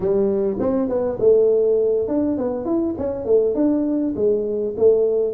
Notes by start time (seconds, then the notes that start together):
0.00 G3
0.59 C4
0.89 B3
1.19 A3
2.07 D4
2.37 B3
2.65 E4
2.97 C#4
3.25 A3
3.55 D4
4.16 G#3
4.77 A3